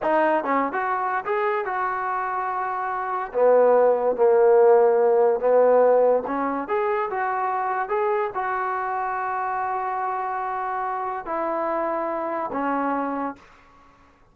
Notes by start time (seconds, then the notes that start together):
0.02 D#4
0.44 C#4
0.72 F#4
1.25 G#4
1.65 F#4
3.32 B3
4.16 A#3
5.40 B3
6.26 C#4
6.68 G#4
7.10 F#4
7.89 G#4
8.34 F#4
11.25 E4
12.52 C#4